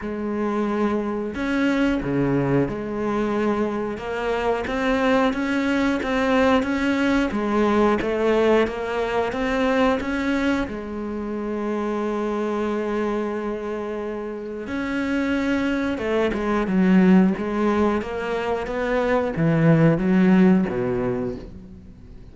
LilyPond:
\new Staff \with { instrumentName = "cello" } { \time 4/4 \tempo 4 = 90 gis2 cis'4 cis4 | gis2 ais4 c'4 | cis'4 c'4 cis'4 gis4 | a4 ais4 c'4 cis'4 |
gis1~ | gis2 cis'2 | a8 gis8 fis4 gis4 ais4 | b4 e4 fis4 b,4 | }